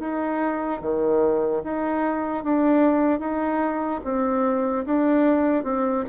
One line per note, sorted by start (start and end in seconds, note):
0.00 0.81 D#4
0.82 1.63 D#3
1.64 2.44 D#4
2.44 3.20 D4
3.20 4.01 D#4
4.05 4.86 C4
4.86 5.64 D4
5.64 6.05 C4